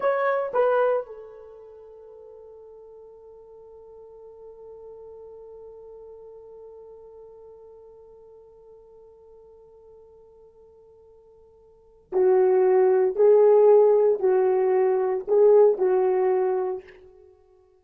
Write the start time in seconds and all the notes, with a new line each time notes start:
0.00 C#5
0.53 B4
1.06 A4
12.12 F#4
13.15 G#4
14.19 F#4
15.27 G#4
15.78 F#4